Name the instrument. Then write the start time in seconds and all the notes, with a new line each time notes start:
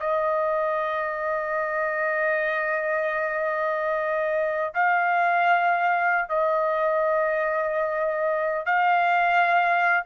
trumpet
0.00 D#5
4.74 F5
6.29 D#5
8.66 F5